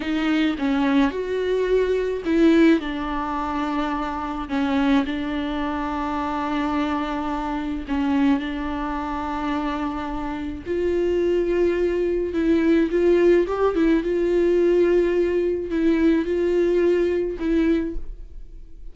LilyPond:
\new Staff \with { instrumentName = "viola" } { \time 4/4 \tempo 4 = 107 dis'4 cis'4 fis'2 | e'4 d'2. | cis'4 d'2.~ | d'2 cis'4 d'4~ |
d'2. f'4~ | f'2 e'4 f'4 | g'8 e'8 f'2. | e'4 f'2 e'4 | }